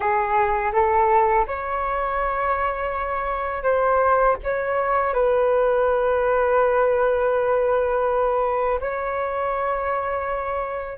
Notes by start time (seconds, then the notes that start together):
0.00 G#4
0.73 A4
1.47 C#5
3.63 C5
4.43 C#5
5.13 B4
8.80 C#5